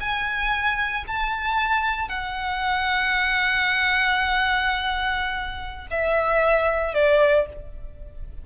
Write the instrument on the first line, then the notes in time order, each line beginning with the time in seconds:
violin
0.00 G#5
1.07 A5
2.08 F#5
5.90 E5
6.94 D5